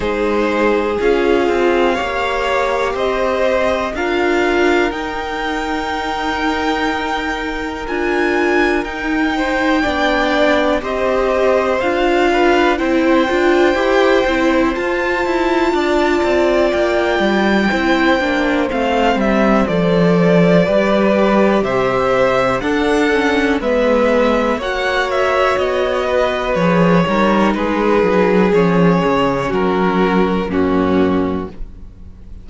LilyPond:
<<
  \new Staff \with { instrumentName = "violin" } { \time 4/4 \tempo 4 = 61 c''4 f''2 dis''4 | f''4 g''2. | gis''4 g''2 dis''4 | f''4 g''2 a''4~ |
a''4 g''2 f''8 e''8 | d''2 e''4 fis''4 | e''4 fis''8 e''8 dis''4 cis''4 | b'4 cis''4 ais'4 fis'4 | }
  \new Staff \with { instrumentName = "violin" } { \time 4/4 gis'2 cis''4 c''4 | ais'1~ | ais'4. c''8 d''4 c''4~ | c''8 b'8 c''2. |
d''2 c''2~ | c''4 b'4 c''4 a'4 | b'4 cis''4. b'4 ais'8 | gis'2 fis'4 cis'4 | }
  \new Staff \with { instrumentName = "viola" } { \time 4/4 dis'4 f'4 g'2 | f'4 dis'2. | f'4 dis'4 d'4 g'4 | f'4 e'8 f'8 g'8 e'8 f'4~ |
f'2 e'8 d'8 c'4 | a'4 g'2 d'8 cis'8 | b4 fis'2 gis'8 dis'8~ | dis'4 cis'2 ais4 | }
  \new Staff \with { instrumentName = "cello" } { \time 4/4 gis4 cis'8 c'8 ais4 c'4 | d'4 dis'2. | d'4 dis'4 b4 c'4 | d'4 c'8 d'8 e'8 c'8 f'8 e'8 |
d'8 c'8 ais8 g8 c'8 ais8 a8 g8 | f4 g4 c4 d'4 | gis4 ais4 b4 f8 g8 | gis8 fis8 f8 cis8 fis4 fis,4 | }
>>